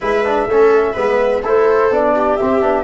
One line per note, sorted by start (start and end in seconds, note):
0.00 0.46 G#3
0.00 0.24 E4
0.00 0.48 B4
0.00 1.44 E5
0.25 0.49 D4
0.46 0.94 A3
0.46 0.95 C#4
0.46 0.92 A4
0.92 1.43 G#3
0.92 1.42 B3
0.92 1.40 B4
1.42 1.90 A3
1.42 1.91 E4
1.42 2.14 A4
1.42 1.93 C5
1.90 2.38 B3
1.90 2.39 D4
1.90 2.36 D5
2.15 2.84 G4
2.36 2.60 C4
2.36 2.62 C4
2.36 2.84 E5
2.60 2.84 B3
2.60 2.84 D4